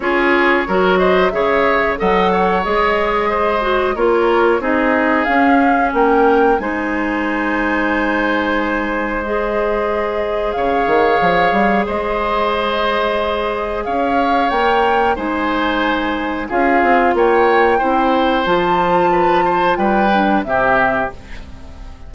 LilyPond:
<<
  \new Staff \with { instrumentName = "flute" } { \time 4/4 \tempo 4 = 91 cis''4. dis''8 e''4 fis''4 | dis''2 cis''4 dis''4 | f''4 g''4 gis''2~ | gis''2 dis''2 |
f''2 dis''2~ | dis''4 f''4 g''4 gis''4~ | gis''4 f''4 g''2 | a''2 g''4 e''4 | }
  \new Staff \with { instrumentName = "oboe" } { \time 4/4 gis'4 ais'8 c''8 cis''4 dis''8 cis''8~ | cis''4 c''4 ais'4 gis'4~ | gis'4 ais'4 c''2~ | c''1 |
cis''2 c''2~ | c''4 cis''2 c''4~ | c''4 gis'4 cis''4 c''4~ | c''4 b'8 c''8 b'4 g'4 | }
  \new Staff \with { instrumentName = "clarinet" } { \time 4/4 f'4 fis'4 gis'4 a'4 | gis'4. fis'8 f'4 dis'4 | cis'2 dis'2~ | dis'2 gis'2~ |
gis'1~ | gis'2 ais'4 dis'4~ | dis'4 f'2 e'4 | f'2~ f'8 d'8 c'4 | }
  \new Staff \with { instrumentName = "bassoon" } { \time 4/4 cis'4 fis4 cis4 fis4 | gis2 ais4 c'4 | cis'4 ais4 gis2~ | gis1 |
cis8 dis8 f8 g8 gis2~ | gis4 cis'4 ais4 gis4~ | gis4 cis'8 c'8 ais4 c'4 | f2 g4 c4 | }
>>